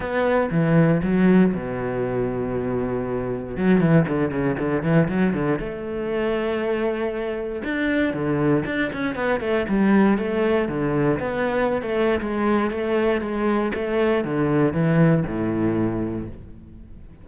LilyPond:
\new Staff \with { instrumentName = "cello" } { \time 4/4 \tempo 4 = 118 b4 e4 fis4 b,4~ | b,2. fis8 e8 | d8 cis8 d8 e8 fis8 d8 a4~ | a2. d'4 |
d4 d'8 cis'8 b8 a8 g4 | a4 d4 b4~ b16 a8. | gis4 a4 gis4 a4 | d4 e4 a,2 | }